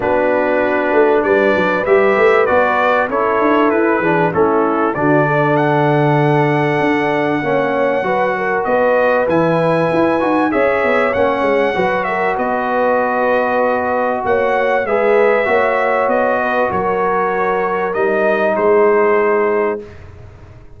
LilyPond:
<<
  \new Staff \with { instrumentName = "trumpet" } { \time 4/4 \tempo 4 = 97 b'2 d''4 e''4 | d''4 cis''4 b'4 a'4 | d''4 fis''2.~ | fis''2 dis''4 gis''4~ |
gis''4 e''4 fis''4. e''8 | dis''2. fis''4 | e''2 dis''4 cis''4~ | cis''4 dis''4 c''2 | }
  \new Staff \with { instrumentName = "horn" } { \time 4/4 fis'2 b'2~ | b'4 a'4. gis'8 e'4 | fis'8 a'2.~ a'8 | cis''4 b'8 ais'8 b'2~ |
b'4 cis''2 b'8 ais'8 | b'2. cis''4 | b'4 cis''4. b'8 ais'4~ | ais'2 gis'2 | }
  \new Staff \with { instrumentName = "trombone" } { \time 4/4 d'2. g'4 | fis'4 e'4. d'8 cis'4 | d'1 | cis'4 fis'2 e'4~ |
e'8 fis'8 gis'4 cis'4 fis'4~ | fis'1 | gis'4 fis'2.~ | fis'4 dis'2. | }
  \new Staff \with { instrumentName = "tuba" } { \time 4/4 b4. a8 g8 fis8 g8 a8 | b4 cis'8 d'8 e'8 e8 a4 | d2. d'4 | ais4 fis4 b4 e4 |
e'8 dis'8 cis'8 b8 ais8 gis8 fis4 | b2. ais4 | gis4 ais4 b4 fis4~ | fis4 g4 gis2 | }
>>